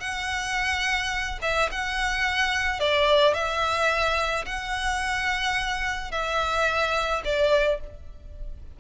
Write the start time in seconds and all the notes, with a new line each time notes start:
0.00 F#5
1.42 E5
1.71 F#5
2.80 D5
3.34 E5
4.46 F#5
6.11 E5
7.24 D5